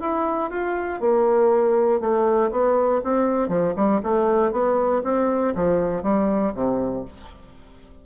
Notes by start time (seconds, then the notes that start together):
0.00 E4
0.50 F4
1.00 A#3
2.00 A3
2.51 B3
3.04 C4
3.49 F3
3.76 G3
4.03 A3
4.52 B3
5.04 C4
5.55 F3
6.02 G3
6.54 C3